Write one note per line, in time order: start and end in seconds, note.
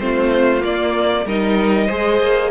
0.00 0.64 A3
0.00 0.61 C4
0.00 1.26 F4
0.00 0.63 C5
0.61 1.24 A#3
0.61 1.26 A#3
0.61 1.28 D5
1.26 1.89 G3
1.26 1.89 D#4
1.26 1.87 A#4
1.26 2.51 D#5
1.87 2.21 G#3
1.87 2.51 G#4
1.87 2.50 C5
2.21 2.51 A#3